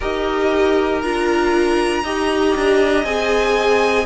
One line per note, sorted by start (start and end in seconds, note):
0.00 1.03 D#4
0.00 1.02 G4
0.00 2.03 A#4
0.00 1.01 D#5
1.01 2.03 D4
1.01 2.04 F4
1.01 3.04 A#5
2.03 2.54 D#4
2.03 3.04 G4
2.03 4.06 D#5
2.56 3.04 D4
3.04 4.05 C4
3.04 4.06 G#4
3.04 4.06 G#5